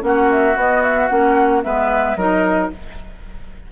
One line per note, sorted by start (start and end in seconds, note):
0.00 0.55 A#3
0.00 0.54 C#4
0.00 0.30 F#5
0.06 1.64 F#4
0.31 0.57 E5
0.54 1.08 B3
0.54 1.09 B3
0.54 0.82 D#5
0.82 1.08 E5
1.08 1.64 A#3
1.08 1.63 C#4
1.08 1.61 F#5
1.63 2.16 G#3
1.63 2.16 B3
1.63 2.17 B4
1.63 2.16 E5
2.16 2.69 F#3
2.16 2.71 D#4
2.16 2.71 A#4
2.16 2.70 D#5